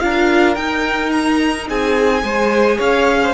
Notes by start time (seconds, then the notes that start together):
0.00 D4 F4 A#4 F5
0.55 D#4 G5
1.12 A#5
1.68 C4 G#4 G#5
2.23 G#3 G#4 C5
2.78 C#4 C#5 F5
3.23 C5